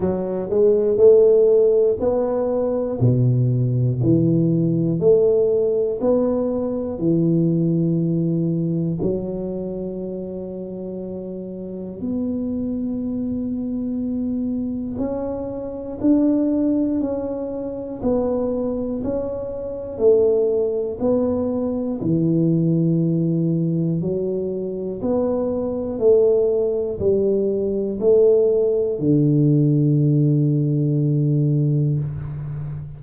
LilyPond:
\new Staff \with { instrumentName = "tuba" } { \time 4/4 \tempo 4 = 60 fis8 gis8 a4 b4 b,4 | e4 a4 b4 e4~ | e4 fis2. | b2. cis'4 |
d'4 cis'4 b4 cis'4 | a4 b4 e2 | fis4 b4 a4 g4 | a4 d2. | }